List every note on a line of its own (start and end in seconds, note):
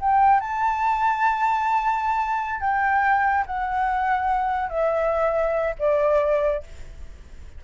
0.00 0.41 G5
0.41 2.61 A5
2.61 3.45 G5
3.47 4.70 F#5
4.70 5.75 E5
5.79 6.64 D5